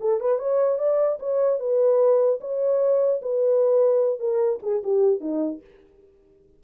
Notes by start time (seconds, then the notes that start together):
0.00 A4
0.20 B4
0.38 C#5
0.78 D5
1.19 C#5
1.59 B4
2.40 C#5
3.21 B4
4.19 A#4
4.62 G#4
4.83 G4
5.20 D#4